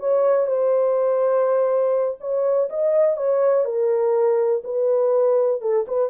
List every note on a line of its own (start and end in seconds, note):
0.00 0.47 C#5
0.47 2.18 C5
2.21 2.69 C#5
2.70 3.17 D#5
3.17 3.65 C#5
3.65 4.63 A#4
4.64 5.62 B4
5.62 5.86 A4
5.88 6.10 B4